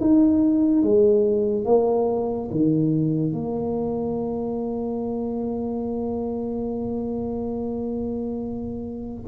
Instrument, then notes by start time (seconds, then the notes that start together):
tuba
0.00 D#4
0.83 G#3
1.65 A#3
2.51 D#3
3.33 A#3